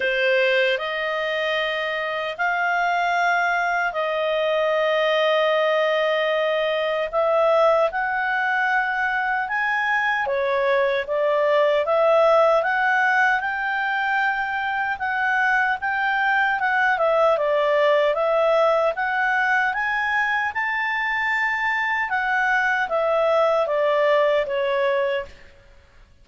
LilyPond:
\new Staff \with { instrumentName = "clarinet" } { \time 4/4 \tempo 4 = 76 c''4 dis''2 f''4~ | f''4 dis''2.~ | dis''4 e''4 fis''2 | gis''4 cis''4 d''4 e''4 |
fis''4 g''2 fis''4 | g''4 fis''8 e''8 d''4 e''4 | fis''4 gis''4 a''2 | fis''4 e''4 d''4 cis''4 | }